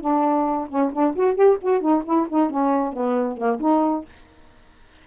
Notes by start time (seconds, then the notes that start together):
0.00 D4
0.69 C#4
0.93 D4
1.15 F#4
1.34 G4
1.61 F#4
1.80 D#4
2.05 E4
2.29 D#4
2.50 C#4
2.92 B3
3.37 A#3
3.60 D#4